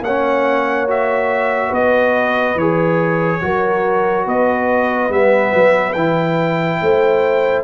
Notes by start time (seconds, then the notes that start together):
0.00 A#3 C#5 F#5
0.08 C#4
0.87 F#4 E5
1.69 B3 B4 D#5
2.55 E3 G#4 C#5
3.41 F#3 F#4 A#4
4.25 B3 B4 D#5
5.09 G3 B3 E5
5.54 F#3
5.92 E3 E4 G5
6.81 A3 C5